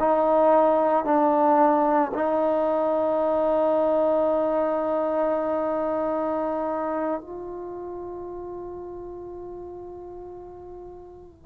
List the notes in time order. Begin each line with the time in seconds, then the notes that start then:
0.00 D#4
1.05 D4
2.15 D#4
7.21 F4